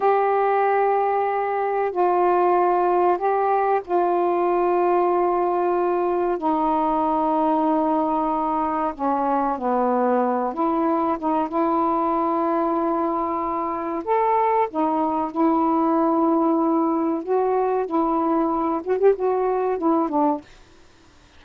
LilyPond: \new Staff \with { instrumentName = "saxophone" } { \time 4/4 \tempo 4 = 94 g'2. f'4~ | f'4 g'4 f'2~ | f'2 dis'2~ | dis'2 cis'4 b4~ |
b8 e'4 dis'8 e'2~ | e'2 a'4 dis'4 | e'2. fis'4 | e'4. fis'16 g'16 fis'4 e'8 d'8 | }